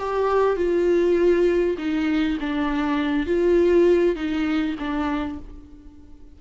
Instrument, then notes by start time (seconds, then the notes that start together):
viola
0.00 G4
0.57 F4
1.79 D#4
2.40 D4
3.27 F4
4.16 D#4
4.79 D4